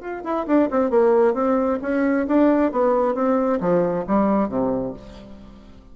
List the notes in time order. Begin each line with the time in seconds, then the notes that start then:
0.00 F4
0.24 E4
0.47 D4
0.71 C4
0.90 A#3
1.34 C4
1.82 C#4
2.27 D4
2.72 B3
3.15 C4
3.60 F3
4.07 G3
4.49 C3